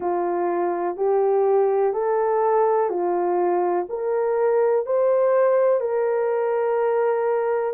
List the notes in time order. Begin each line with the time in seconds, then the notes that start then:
0.00 F4
0.96 G4
1.93 A4
2.89 F4
3.89 A#4
4.86 C5
5.80 A#4